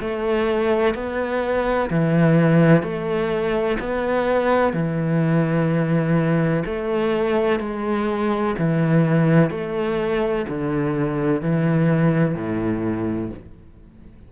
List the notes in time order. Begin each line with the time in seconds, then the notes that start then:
0.00 A3
0.94 B3
1.90 E3
2.83 A3
3.80 B3
4.73 E3
6.65 A3
7.60 G#3
8.58 E3
9.51 A3
10.48 D3
11.42 E3
12.35 A2